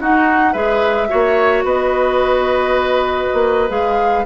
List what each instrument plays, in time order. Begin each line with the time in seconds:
0.00 bassoon D#4, clarinet D#4, oboe F#4, flute F#5
0.53 bassoon G#3, clarinet G#4, oboe B4, flute E5
1.09 bassoon A#3, clarinet F#4, oboe C#5
1.64 bassoon B3, oboe B4, flute D#5
3.33 bassoon A#3
3.69 bassoon G#3, clarinet G#4, flute F5